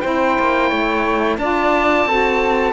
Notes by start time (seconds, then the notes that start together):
0.00 C4 E4 C5 G5
0.38 A#3
0.68 A3 C#5
1.37 D4 F4 D5 A5
2.04 C4 F#4 A4